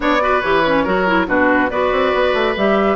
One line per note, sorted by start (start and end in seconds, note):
0.00 0.42 B3
0.00 0.20 D4
0.00 0.22 C#5
0.00 0.40 D5
0.20 0.41 F#4
0.20 0.83 B4
0.40 0.86 E3
0.40 0.64 G4
0.40 1.25 C#5
0.66 0.86 C#4
0.83 1.28 F#3
0.83 1.07 F#4
0.83 1.26 A#4
1.07 1.26 E4
1.26 1.70 B2
1.26 1.69 D4
1.26 1.70 F#4
1.26 1.70 B4
1.70 1.91 B3
1.70 2.56 F#4
1.70 2.96 B4
1.70 2.55 D5
1.92 2.13 C4
2.13 2.33 B3
2.33 2.55 A3
2.56 2.96 G3
2.56 2.96 G4
2.56 2.96 E5